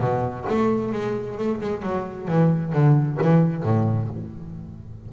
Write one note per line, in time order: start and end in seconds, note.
0.00 0.45 B2
0.49 0.92 A3
0.92 1.38 G#3
1.38 1.61 A3
1.61 1.82 G#3
1.82 2.28 F#3
2.28 2.73 E3
2.73 3.18 D3
3.22 3.63 E3
3.63 4.09 A2